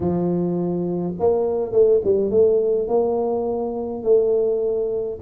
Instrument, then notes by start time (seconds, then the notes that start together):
tuba
0.00 F3
1.19 A#3
1.72 A3
2.04 G3
2.30 A3
2.87 A#3
4.03 A3